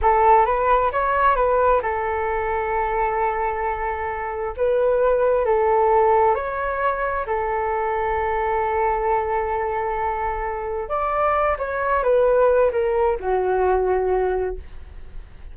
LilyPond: \new Staff \with { instrumentName = "flute" } { \time 4/4 \tempo 4 = 132 a'4 b'4 cis''4 b'4 | a'1~ | a'2 b'2 | a'2 cis''2 |
a'1~ | a'1 | d''4. cis''4 b'4. | ais'4 fis'2. | }